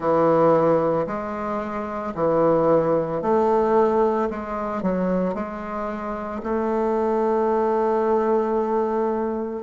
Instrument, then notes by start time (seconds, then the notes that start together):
bassoon
0.00 E3
1.06 G#3
2.14 E3
3.21 A3
4.30 G#3
4.82 F#3
5.34 G#3
6.43 A3